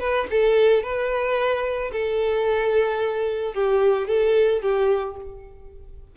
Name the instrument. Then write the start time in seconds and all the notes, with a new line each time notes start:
violin
0.00 B4
0.31 A4
0.84 B4
1.92 A4
3.54 G4
4.08 A4
4.62 G4